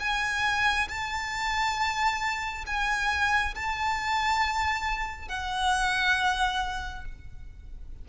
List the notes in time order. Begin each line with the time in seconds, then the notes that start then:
0.00 G#5
0.89 A5
2.67 G#5
3.55 A5
5.29 F#5